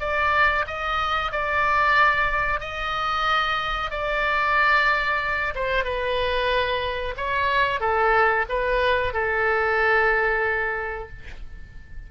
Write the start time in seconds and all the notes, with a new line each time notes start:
0.00 D5
0.67 D#5
1.32 D5
2.61 D#5
3.91 D5
5.55 C5
5.85 B4
7.17 C#5
7.81 A4
8.50 B4
9.14 A4